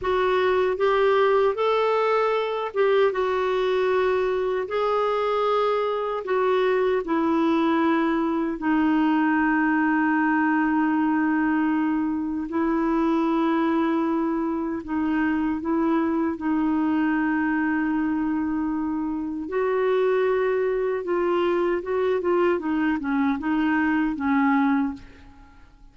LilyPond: \new Staff \with { instrumentName = "clarinet" } { \time 4/4 \tempo 4 = 77 fis'4 g'4 a'4. g'8 | fis'2 gis'2 | fis'4 e'2 dis'4~ | dis'1 |
e'2. dis'4 | e'4 dis'2.~ | dis'4 fis'2 f'4 | fis'8 f'8 dis'8 cis'8 dis'4 cis'4 | }